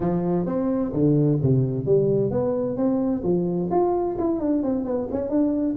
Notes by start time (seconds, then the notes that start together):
0.00 F3
0.46 C4
0.92 D3
1.42 C3
1.85 G3
2.31 B3
2.77 C4
3.23 F3
3.70 F4
4.18 E4
4.40 D4
4.63 C4
4.85 B3
5.11 C#4
5.29 D4